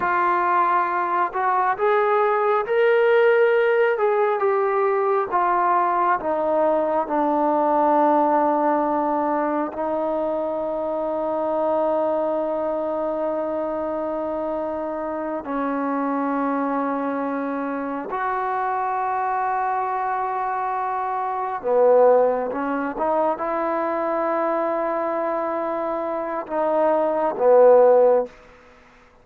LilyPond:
\new Staff \with { instrumentName = "trombone" } { \time 4/4 \tempo 4 = 68 f'4. fis'8 gis'4 ais'4~ | ais'8 gis'8 g'4 f'4 dis'4 | d'2. dis'4~ | dis'1~ |
dis'4. cis'2~ cis'8~ | cis'8 fis'2.~ fis'8~ | fis'8 b4 cis'8 dis'8 e'4.~ | e'2 dis'4 b4 | }